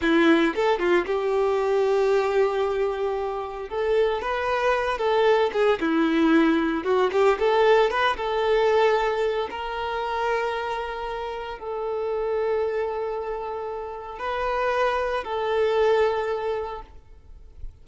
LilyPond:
\new Staff \with { instrumentName = "violin" } { \time 4/4 \tempo 4 = 114 e'4 a'8 f'8 g'2~ | g'2. a'4 | b'4. a'4 gis'8 e'4~ | e'4 fis'8 g'8 a'4 b'8 a'8~ |
a'2 ais'2~ | ais'2 a'2~ | a'2. b'4~ | b'4 a'2. | }